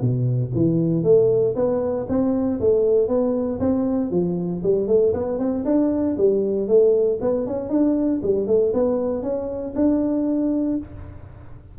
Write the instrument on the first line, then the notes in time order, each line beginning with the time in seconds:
tuba
0.00 B2
0.54 E3
1.03 A3
1.55 B3
2.08 C4
2.60 A3
3.07 B3
3.59 C4
4.10 F3
4.62 G3
4.87 A3
5.13 B3
5.38 C4
5.65 D4
6.17 G3
6.67 A3
7.21 B3
7.46 C#4
7.69 D4
8.22 G3
8.47 A3
8.73 B3
9.22 C#4
9.75 D4